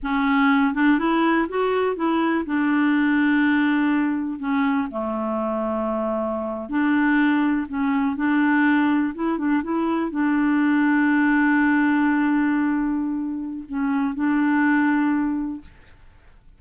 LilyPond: \new Staff \with { instrumentName = "clarinet" } { \time 4/4 \tempo 4 = 123 cis'4. d'8 e'4 fis'4 | e'4 d'2.~ | d'4 cis'4 a2~ | a4.~ a16 d'2 cis'16~ |
cis'8. d'2 e'8 d'8 e'16~ | e'8. d'2.~ d'16~ | d'1 | cis'4 d'2. | }